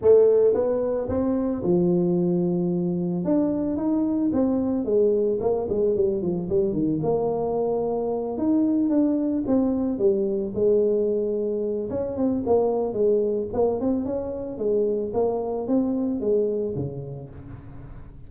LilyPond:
\new Staff \with { instrumentName = "tuba" } { \time 4/4 \tempo 4 = 111 a4 b4 c'4 f4~ | f2 d'4 dis'4 | c'4 gis4 ais8 gis8 g8 f8 | g8 dis8 ais2~ ais8 dis'8~ |
dis'8 d'4 c'4 g4 gis8~ | gis2 cis'8 c'8 ais4 | gis4 ais8 c'8 cis'4 gis4 | ais4 c'4 gis4 cis4 | }